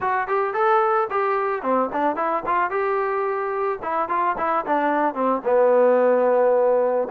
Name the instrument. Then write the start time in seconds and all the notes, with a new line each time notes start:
trombone
0.00 F#4
0.27 G4
0.53 A4
1.10 G4
1.62 C4
1.92 D4
2.15 E4
2.46 F4
2.70 G4
3.82 E4
4.08 F4
4.37 E4
4.65 D4
5.14 C4
5.44 B3